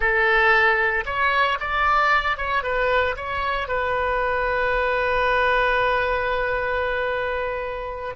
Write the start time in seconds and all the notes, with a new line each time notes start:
0.00 A4
1.05 C#5
1.60 D5
2.37 C#5
2.63 B4
3.16 C#5
3.68 B4